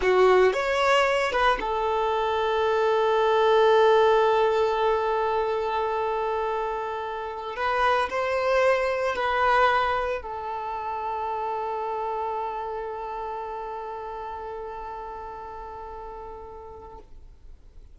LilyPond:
\new Staff \with { instrumentName = "violin" } { \time 4/4 \tempo 4 = 113 fis'4 cis''4. b'8 a'4~ | a'1~ | a'1~ | a'2~ a'16 b'4 c''8.~ |
c''4~ c''16 b'2 a'8.~ | a'1~ | a'1~ | a'1 | }